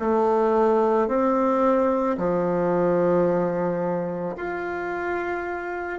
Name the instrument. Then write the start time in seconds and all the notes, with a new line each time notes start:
bassoon
0.00 A3
1.08 C4
2.18 F3
4.37 F4